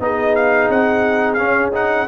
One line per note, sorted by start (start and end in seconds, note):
0.00 0.69 B3
0.00 1.38 D#4
0.00 2.08 G#4
0.00 0.36 D#5
0.36 0.70 F5
0.70 1.39 C4
0.70 1.34 F#5
1.34 1.72 C#4
1.34 2.08 C#4
1.34 1.69 F5
1.73 2.07 D#4
1.73 2.08 F#5